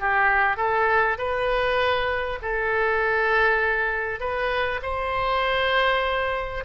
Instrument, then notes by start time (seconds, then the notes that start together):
oboe
0.00 G4
0.57 A4
1.18 B4
2.42 A4
4.20 B4
4.83 C5